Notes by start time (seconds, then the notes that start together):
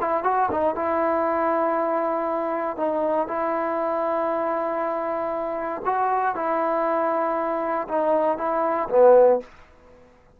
0.00 E4
0.23 F#4
0.51 D#4
0.75 E4
2.77 D#4
3.28 E4
5.85 F#4
6.35 E4
7.88 D#4
8.37 E4
8.89 B3